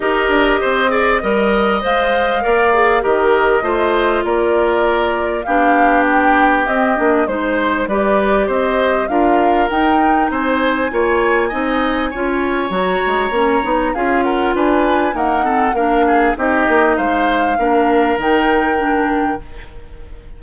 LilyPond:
<<
  \new Staff \with { instrumentName = "flute" } { \time 4/4 \tempo 4 = 99 dis''2. f''4~ | f''4 dis''2 d''4~ | d''4 f''4 g''4 dis''4 | c''4 d''4 dis''4 f''4 |
g''4 gis''2.~ | gis''4 ais''2 f''8 fis''8 | gis''4 fis''4 f''4 dis''4 | f''2 g''2 | }
  \new Staff \with { instrumentName = "oboe" } { \time 4/4 ais'4 c''8 d''8 dis''2 | d''4 ais'4 c''4 ais'4~ | ais'4 g'2. | c''4 b'4 c''4 ais'4~ |
ais'4 c''4 cis''4 dis''4 | cis''2. gis'8 ais'8 | b'4 ais'8 a'8 ais'8 gis'8 g'4 | c''4 ais'2. | }
  \new Staff \with { instrumentName = "clarinet" } { \time 4/4 g'4. gis'8 ais'4 c''4 | ais'8 gis'8 g'4 f'2~ | f'4 d'2 c'8 d'8 | dis'4 g'2 f'4 |
dis'2 f'4 dis'4 | f'4 fis'4 cis'8 dis'8 f'4~ | f'4 ais8 c'8 d'4 dis'4~ | dis'4 d'4 dis'4 d'4 | }
  \new Staff \with { instrumentName = "bassoon" } { \time 4/4 dis'8 d'8 c'4 g4 gis4 | ais4 dis4 a4 ais4~ | ais4 b2 c'8 ais8 | gis4 g4 c'4 d'4 |
dis'4 c'4 ais4 c'4 | cis'4 fis8 gis8 ais8 b8 cis'4 | d'4 dis'4 ais4 c'8 ais8 | gis4 ais4 dis2 | }
>>